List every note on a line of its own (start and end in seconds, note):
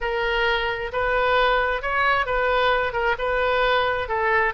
0.00 0.91 A#4
0.92 1.82 B4
1.82 2.26 C#5
2.26 2.93 B4
2.93 3.15 A#4
3.18 4.08 B4
4.08 4.53 A4